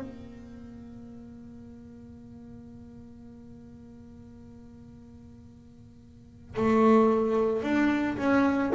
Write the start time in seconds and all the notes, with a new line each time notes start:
0.00 A#3
6.56 A3
7.62 D4
8.18 C#4